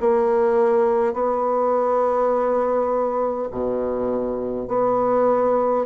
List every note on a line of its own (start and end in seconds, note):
0.00 1.13 A#3
1.13 3.48 B3
3.51 4.68 B2
4.68 5.86 B3